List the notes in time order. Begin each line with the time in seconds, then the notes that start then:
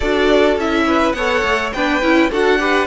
0.00 D4 F#4 A4 D5
0.56 C#4 E4 E5
0.87 B4
1.12 B3 A4 C#5 F#5
1.43 A3
1.72 B3 D4 B4 G5
2.02 C#4 E4
2.30 D4 F#4 A4 F#5
2.58 G4 B4